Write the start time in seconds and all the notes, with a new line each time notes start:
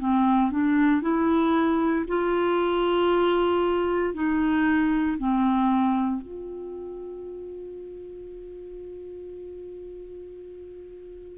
0.00 C4
0.51 D4
1.02 E4
2.08 F4
4.14 D#4
5.19 C4
6.22 F4